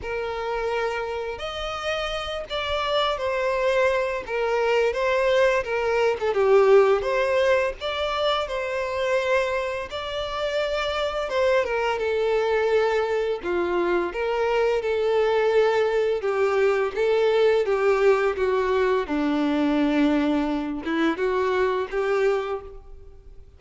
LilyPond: \new Staff \with { instrumentName = "violin" } { \time 4/4 \tempo 4 = 85 ais'2 dis''4. d''8~ | d''8 c''4. ais'4 c''4 | ais'8. a'16 g'4 c''4 d''4 | c''2 d''2 |
c''8 ais'8 a'2 f'4 | ais'4 a'2 g'4 | a'4 g'4 fis'4 d'4~ | d'4. e'8 fis'4 g'4 | }